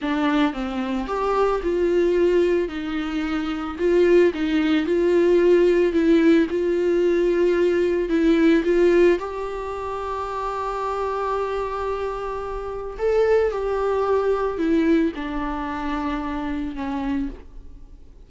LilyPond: \new Staff \with { instrumentName = "viola" } { \time 4/4 \tempo 4 = 111 d'4 c'4 g'4 f'4~ | f'4 dis'2 f'4 | dis'4 f'2 e'4 | f'2. e'4 |
f'4 g'2.~ | g'1 | a'4 g'2 e'4 | d'2. cis'4 | }